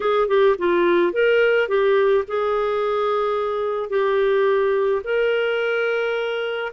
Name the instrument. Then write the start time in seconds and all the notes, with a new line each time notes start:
clarinet
0.00 G#4
0.28 G4
0.58 F4
1.12 A#4
1.68 G4
2.27 G#4
3.89 G4
5.04 A#4